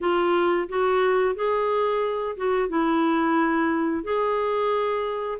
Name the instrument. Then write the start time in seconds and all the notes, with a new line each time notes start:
clarinet
0.01 F4
0.68 F#4
1.35 G#4
2.36 F#4
2.68 E4
4.03 G#4